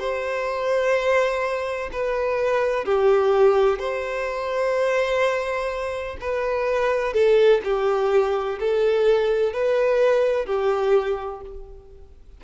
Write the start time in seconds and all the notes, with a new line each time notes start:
0.00 C5
1.93 B4
2.85 G4
3.79 C5
6.21 B4
7.14 A4
7.64 G4
8.60 A4
9.53 B4
10.46 G4